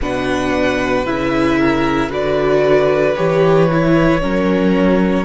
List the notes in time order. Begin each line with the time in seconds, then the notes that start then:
0.01 B2 D4 B4 F#5
1.05 C#3 E4 E5
1.58 A#4
2.09 D3 F#4 B4 D5
3.16 E3 G4 C#5
3.71 E4
4.21 F#3 C#4 A#4